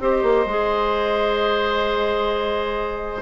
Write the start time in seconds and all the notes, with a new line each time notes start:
0.00 C4 G4 C5 D#5
0.23 A#3
0.46 G#3 G#4